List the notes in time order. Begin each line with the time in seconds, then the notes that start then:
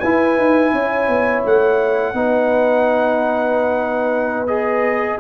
0.00 E4 B4 G#5
0.38 D#4
0.73 C#4 C#5
1.08 B3
1.45 A3 F#5
2.14 B3 D#4 B4
4.47 G#4 D#5